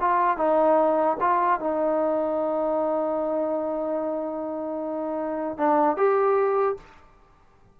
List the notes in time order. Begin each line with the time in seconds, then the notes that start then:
0.00 F4
0.37 D#4
1.20 F4
1.60 D#4
5.57 D4
5.96 G4